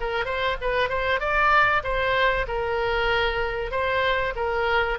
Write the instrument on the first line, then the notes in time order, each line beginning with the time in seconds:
oboe
0.00 A#4
0.25 C5
0.61 B4
0.89 C5
1.20 D5
1.84 C5
2.48 A#4
3.71 C5
4.36 A#4